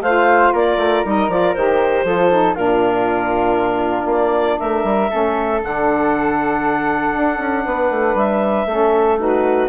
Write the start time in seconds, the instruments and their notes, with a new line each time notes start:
0.00 bassoon A3, saxophone F4, flute C5, clarinet F5
0.53 bassoon A#3, flute A#4, clarinet D5
0.77 bassoon A3
1.05 bassoon G3, saxophone D#4, clarinet D#5
1.28 bassoon F3, saxophone F4, clarinet D5
1.54 bassoon D#3, saxophone G4, clarinet C5
2.03 bassoon F3, saxophone F4, flute A4
2.31 saxophone D#4
2.55 bassoon A#2, saxophone D4, flute F4, clarinet A#4
4.05 bassoon A#3, clarinet D5
4.59 bassoon A3, flute A#4, clarinet E5
4.83 bassoon G3
5.10 bassoon A3, saxophone C#4, flute A4
5.61 bassoon D3, saxophone D4, clarinet F#5
7.15 bassoon D4
7.39 bassoon C#4
7.65 bassoon B3, flute B4
7.90 bassoon A3
8.14 bassoon G3, clarinet E5
8.66 bassoon A3, saxophone C#4, flute A4
9.18 saxophone D#4, flute F#4, clarinet B4